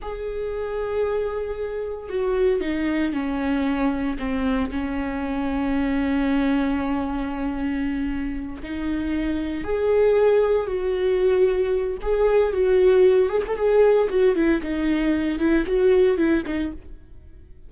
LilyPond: \new Staff \with { instrumentName = "viola" } { \time 4/4 \tempo 4 = 115 gis'1 | fis'4 dis'4 cis'2 | c'4 cis'2.~ | cis'1~ |
cis'8 dis'2 gis'4.~ | gis'8 fis'2~ fis'8 gis'4 | fis'4. gis'16 a'16 gis'4 fis'8 e'8 | dis'4. e'8 fis'4 e'8 dis'8 | }